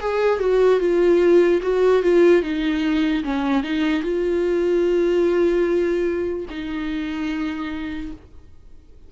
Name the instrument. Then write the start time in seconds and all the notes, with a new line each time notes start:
viola
0.00 G#4
0.40 F#4
0.80 F4
1.62 F#4
2.03 F4
2.43 D#4
3.24 C#4
3.63 D#4
4.03 F4
6.50 D#4